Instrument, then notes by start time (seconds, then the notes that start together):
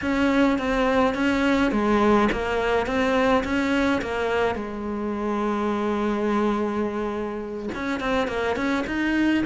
cello
0.01 C#4
0.58 C4
1.14 C#4
1.71 G#3
2.32 A#3
2.86 C4
3.44 C#4
4.01 A#3
4.55 G#3
7.75 C#4
8.00 C4
8.27 A#3
8.56 C#4
8.86 D#4